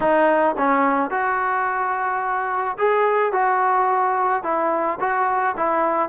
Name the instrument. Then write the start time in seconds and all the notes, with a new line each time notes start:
trombone
0.00 D#4
0.57 C#4
1.10 F#4
2.78 G#4
3.32 F#4
4.43 E4
4.99 F#4
5.56 E4